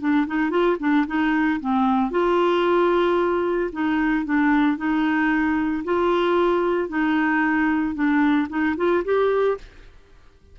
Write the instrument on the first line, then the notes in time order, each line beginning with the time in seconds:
clarinet
0.00 D4
0.27 D#4
0.50 F4
0.79 D4
1.07 D#4
1.60 C4
2.11 F4
3.72 D#4
4.25 D4
4.77 D#4
5.84 F4
6.89 D#4
7.95 D4
8.49 D#4
8.77 F4
9.05 G4